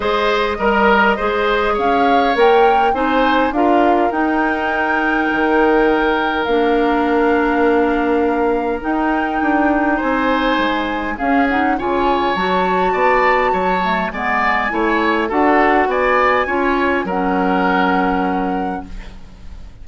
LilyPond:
<<
  \new Staff \with { instrumentName = "flute" } { \time 4/4 \tempo 4 = 102 dis''2. f''4 | g''4 gis''4 f''4 g''4~ | g''2. f''4~ | f''2. g''4~ |
g''4 gis''2 f''8 fis''8 | gis''4 a''2. | gis''2 fis''4 gis''4~ | gis''4 fis''2. | }
  \new Staff \with { instrumentName = "oboe" } { \time 4/4 c''4 ais'4 c''4 cis''4~ | cis''4 c''4 ais'2~ | ais'1~ | ais'1~ |
ais'4 c''2 gis'4 | cis''2 d''4 cis''4 | d''4 cis''4 a'4 d''4 | cis''4 ais'2. | }
  \new Staff \with { instrumentName = "clarinet" } { \time 4/4 gis'4 ais'4 gis'2 | ais'4 dis'4 f'4 dis'4~ | dis'2. d'4~ | d'2. dis'4~ |
dis'2. cis'8 dis'8 | f'4 fis'2~ fis'8 a8 | b4 e'4 fis'2 | f'4 cis'2. | }
  \new Staff \with { instrumentName = "bassoon" } { \time 4/4 gis4 g4 gis4 cis'4 | ais4 c'4 d'4 dis'4~ | dis'4 dis2 ais4~ | ais2. dis'4 |
d'4 c'4 gis4 cis'4 | cis4 fis4 b4 fis4 | gis4 a4 d'4 b4 | cis'4 fis2. | }
>>